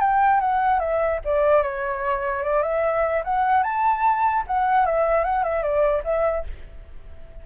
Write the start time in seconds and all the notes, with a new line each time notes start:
0.00 G5
0.40 F#5
0.79 E5
1.24 D5
1.62 C#5
2.43 D5
2.62 E5
3.24 F#5
3.63 A5
4.46 F#5
4.86 E5
5.24 F#5
5.43 E5
5.62 D5
6.04 E5